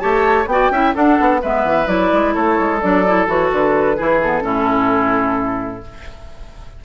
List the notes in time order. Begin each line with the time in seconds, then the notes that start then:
0.00 A3 G4 C#5 A5
0.47 B3 F#4 D5 G5
0.71 C#4 E4 E5
0.94 D4 A4 F#5
1.20 B3
1.42 G#3 B3 B4 E5
1.64 E3
1.87 F#3 E4 D5
2.13 G#3
2.34 A3 A4 C#5
2.59 G#3
2.81 F#3 D4 D5
3.07 E4
3.27 E3 F#4 C#5
3.52 D3 B4
3.97 E3 E4 G#4
4.22 B3 A4
4.42 A2 C#4 E4